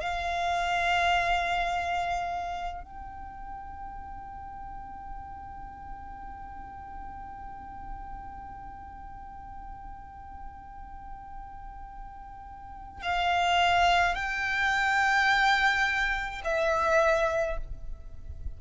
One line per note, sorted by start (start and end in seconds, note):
0.00 2.83 F5
2.83 13.02 G5
13.02 14.15 F5
14.15 16.41 G5
16.44 17.57 E5